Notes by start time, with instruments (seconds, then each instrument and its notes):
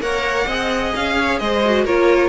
0.00 cello A#3, viola A#4, violin C#5 F#5
0.47 cello C4, viola G#4, violin D#5
0.95 cello C#4, violin F5
1.16 violin C#5
1.39 cello G#3, violin C5 D#5
1.65 viola F#4
1.85 cello A#3, viola F4, violin A#4 C#5